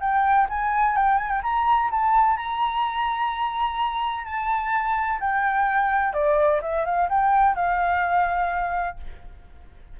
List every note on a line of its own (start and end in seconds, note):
0.00 0.47 G5
0.49 0.96 G#5
0.96 1.17 G5
1.17 1.29 G#5
1.29 1.41 G5
1.43 1.90 A#5
1.90 2.37 A5
2.37 4.25 A#5
4.25 5.19 A5
5.20 6.13 G5
6.13 6.60 D5
6.62 6.85 E5
6.85 7.08 F5
7.09 7.55 G5
7.55 8.97 F5